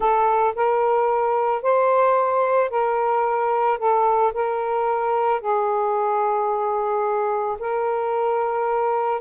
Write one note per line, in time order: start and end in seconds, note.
0.00 0.54 A4
0.55 1.62 A#4
1.62 2.70 C5
2.70 3.78 A#4
3.78 4.32 A4
4.33 5.41 A#4
5.41 7.57 G#4
7.59 9.20 A#4